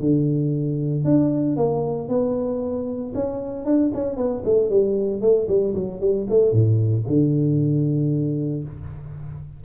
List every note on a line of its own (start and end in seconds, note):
0.00 1.04 D3
1.04 1.56 D4
1.56 2.08 A#3
2.08 3.13 B3
3.14 3.65 C#4
3.65 3.91 D4
3.94 4.17 C#4
4.17 4.43 B3
4.44 4.70 A3
4.70 5.21 G3
5.21 5.47 A3
5.48 5.74 G3
5.74 6.00 F#3
6.00 6.27 G3
6.29 6.52 A3
6.52 7.04 A2
7.07 8.63 D3